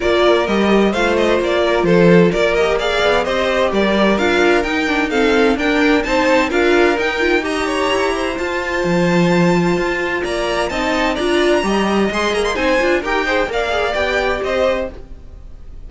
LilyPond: <<
  \new Staff \with { instrumentName = "violin" } { \time 4/4 \tempo 4 = 129 d''4 dis''4 f''8 dis''8 d''4 | c''4 d''8 dis''8 f''4 dis''4 | d''4 f''4 g''4 f''4 | g''4 a''4 f''4 g''4 |
ais''2 a''2~ | a''2 ais''4 a''4 | ais''2 c'''8 ais''16 c'''16 gis''4 | g''4 f''4 g''4 dis''4 | }
  \new Staff \with { instrumentName = "violin" } { \time 4/4 ais'2 c''4. ais'8 | a'4 ais'4 d''4 c''4 | ais'2. a'4 | ais'4 c''4 ais'2 |
dis''8 cis''4 c''2~ c''8~ | c''2 d''4 dis''4 | d''4 dis''2 c''4 | ais'8 c''8 d''2 c''4 | }
  \new Staff \with { instrumentName = "viola" } { \time 4/4 f'4 g'4 f'2~ | f'4. g'8 gis'4 g'4~ | g'4 f'4 dis'8 d'8 c'4 | d'4 dis'4 f'4 dis'8 f'8 |
g'2 f'2~ | f'2. dis'4 | f'4 g'4 gis'4 dis'8 f'8 | g'8 gis'8 ais'8 gis'8 g'2 | }
  \new Staff \with { instrumentName = "cello" } { \time 4/4 ais4 g4 a4 ais4 | f4 ais4. b8 c'4 | g4 d'4 dis'2 | d'4 c'4 d'4 dis'4~ |
dis'4 e'4 f'4 f4~ | f4 f'4 ais4 c'4 | d'4 g4 gis8 ais8 c'8 d'8 | dis'4 ais4 b4 c'4 | }
>>